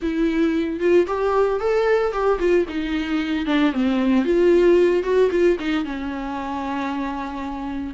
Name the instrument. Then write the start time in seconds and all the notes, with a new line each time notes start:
viola
0.01 E4
0.80 F4
1.06 G4
1.60 A4
2.12 G4
2.39 F4
2.69 D#4
3.46 D4
3.73 C4
4.24 F4
5.03 F#4
5.30 F4
5.59 D#4
5.84 C#4